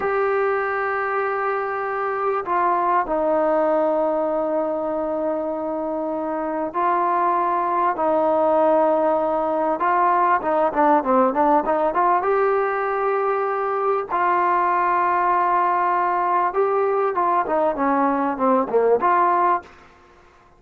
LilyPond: \new Staff \with { instrumentName = "trombone" } { \time 4/4 \tempo 4 = 98 g'1 | f'4 dis'2.~ | dis'2. f'4~ | f'4 dis'2. |
f'4 dis'8 d'8 c'8 d'8 dis'8 f'8 | g'2. f'4~ | f'2. g'4 | f'8 dis'8 cis'4 c'8 ais8 f'4 | }